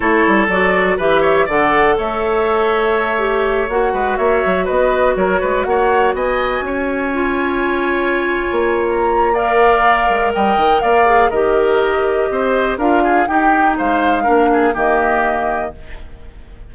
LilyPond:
<<
  \new Staff \with { instrumentName = "flute" } { \time 4/4 \tempo 4 = 122 cis''4 d''4 e''4 fis''4 | e''2.~ e''8 fis''8~ | fis''8 e''4 dis''4 cis''4 fis''8~ | fis''8 gis''2.~ gis''8~ |
gis''2 ais''4 f''4~ | f''4 g''4 f''4 dis''4~ | dis''2 f''4 g''4 | f''2 dis''2 | }
  \new Staff \with { instrumentName = "oboe" } { \time 4/4 a'2 b'8 cis''8 d''4 | cis''1 | b'8 cis''4 b'4 ais'8 b'8 cis''8~ | cis''8 dis''4 cis''2~ cis''8~ |
cis''2. d''4~ | d''4 dis''4 d''4 ais'4~ | ais'4 c''4 ais'8 gis'8 g'4 | c''4 ais'8 gis'8 g'2 | }
  \new Staff \with { instrumentName = "clarinet" } { \time 4/4 e'4 fis'4 g'4 a'4~ | a'2~ a'8 g'4 fis'8~ | fis'1~ | fis'2~ fis'8 f'4.~ |
f'2. ais'4~ | ais'2~ ais'8 gis'8 g'4~ | g'2 f'4 dis'4~ | dis'4 d'4 ais2 | }
  \new Staff \with { instrumentName = "bassoon" } { \time 4/4 a8 g8 fis4 e4 d4 | a2.~ a8 ais8 | gis8 ais8 fis8 b4 fis8 gis8 ais8~ | ais8 b4 cis'2~ cis'8~ |
cis'4~ cis'16 ais2~ ais8.~ | ais8 gis8 g8 dis8 ais4 dis4~ | dis4 c'4 d'4 dis'4 | gis4 ais4 dis2 | }
>>